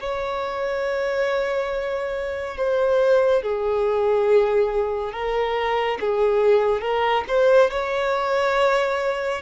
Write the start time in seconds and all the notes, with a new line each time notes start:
0.00 C#5
2.58 C5
3.42 G#4
5.13 A#4
6.01 G#4
6.81 A#4
7.28 C5
7.71 C#5